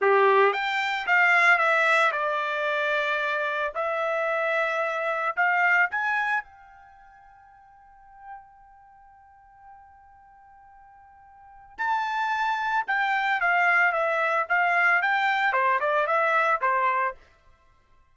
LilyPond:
\new Staff \with { instrumentName = "trumpet" } { \time 4/4 \tempo 4 = 112 g'4 g''4 f''4 e''4 | d''2. e''4~ | e''2 f''4 gis''4 | g''1~ |
g''1~ | g''2 a''2 | g''4 f''4 e''4 f''4 | g''4 c''8 d''8 e''4 c''4 | }